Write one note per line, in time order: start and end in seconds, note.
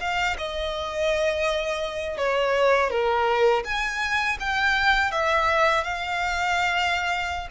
0.00 0.37 F5
0.38 2.18 D#5
2.18 2.91 C#5
2.91 3.64 A#4
3.65 4.38 G#5
4.40 5.12 G5
5.12 5.84 E5
5.84 7.48 F5